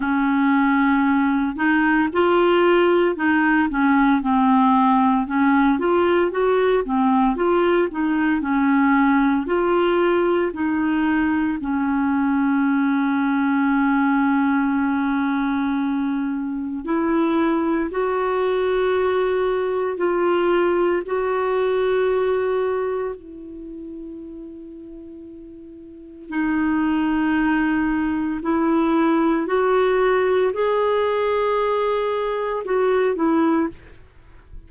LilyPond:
\new Staff \with { instrumentName = "clarinet" } { \time 4/4 \tempo 4 = 57 cis'4. dis'8 f'4 dis'8 cis'8 | c'4 cis'8 f'8 fis'8 c'8 f'8 dis'8 | cis'4 f'4 dis'4 cis'4~ | cis'1 |
e'4 fis'2 f'4 | fis'2 e'2~ | e'4 dis'2 e'4 | fis'4 gis'2 fis'8 e'8 | }